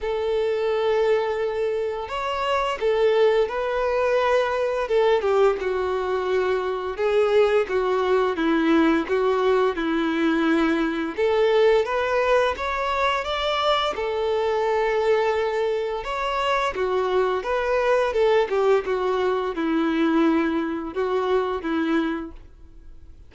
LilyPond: \new Staff \with { instrumentName = "violin" } { \time 4/4 \tempo 4 = 86 a'2. cis''4 | a'4 b'2 a'8 g'8 | fis'2 gis'4 fis'4 | e'4 fis'4 e'2 |
a'4 b'4 cis''4 d''4 | a'2. cis''4 | fis'4 b'4 a'8 g'8 fis'4 | e'2 fis'4 e'4 | }